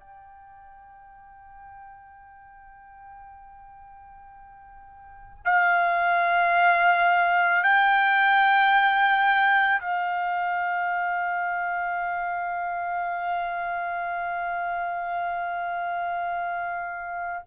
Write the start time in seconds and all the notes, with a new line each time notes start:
0.00 G5
5.45 F5
7.64 G5
9.80 F5